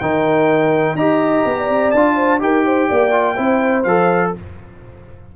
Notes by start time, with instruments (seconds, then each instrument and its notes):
0.00 tuba D#3, trombone D#4, horn A#4, trumpet G5
0.95 tuba D#4, trombone G4, horn D#5, trumpet A#5
1.45 tuba B3
1.58 horn D5
1.69 tuba C4
1.92 tuba D4, trombone F4, trumpet A5
2.16 horn C5
2.40 tuba D#4, trombone G4, horn A#4, trumpet G5
2.66 horn C5
2.89 tuba A#3, horn D5
3.12 trombone F4
3.36 tuba C4, trombone E4, horn C5
3.84 tuba F3, trombone A4, trumpet F5